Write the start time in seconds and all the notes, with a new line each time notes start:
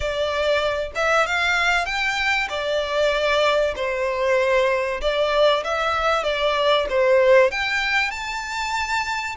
0.00 D5
0.95 E5
1.26 F5
1.85 G5
2.49 D5
3.75 C5
5.01 D5
5.63 E5
6.23 D5
6.89 C5
7.51 G5
8.10 A5